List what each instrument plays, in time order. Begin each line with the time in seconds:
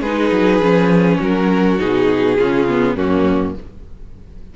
0.00 cello G#3, viola D#4, violin G#4 B4
0.32 cello F#3
0.60 cello F3, viola C#4
1.19 cello F#3, violin F#4 A#4
1.79 cello B2, viola D#4, violin G#4
2.39 cello C#3, viola C#4, violin F4
2.69 viola B3
2.96 cello F#2, viola A#3, violin C#4 F#4